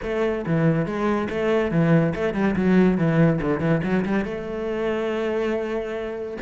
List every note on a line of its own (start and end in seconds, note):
0.02 0.45 A3
0.46 0.85 E3
0.85 1.28 G#3
1.29 1.71 A3
1.71 2.13 E3
2.15 2.34 A3
2.34 2.55 G3
2.56 2.97 F#3
2.97 3.40 E3
3.41 3.60 D3
3.60 3.81 E3
3.83 4.04 F#3
4.05 4.24 G3
4.24 6.37 A3